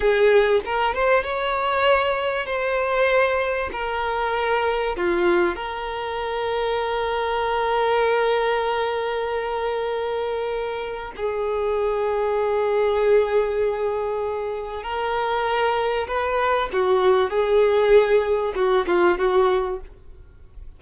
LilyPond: \new Staff \with { instrumentName = "violin" } { \time 4/4 \tempo 4 = 97 gis'4 ais'8 c''8 cis''2 | c''2 ais'2 | f'4 ais'2.~ | ais'1~ |
ais'2 gis'2~ | gis'1 | ais'2 b'4 fis'4 | gis'2 fis'8 f'8 fis'4 | }